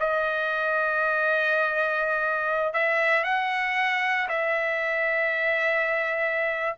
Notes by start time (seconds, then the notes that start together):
0.00 D#5
2.74 E5
3.24 F#5
4.29 E5